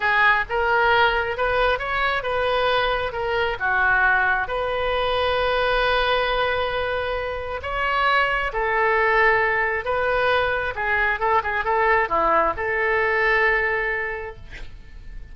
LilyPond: \new Staff \with { instrumentName = "oboe" } { \time 4/4 \tempo 4 = 134 gis'4 ais'2 b'4 | cis''4 b'2 ais'4 | fis'2 b'2~ | b'1~ |
b'4 cis''2 a'4~ | a'2 b'2 | gis'4 a'8 gis'8 a'4 e'4 | a'1 | }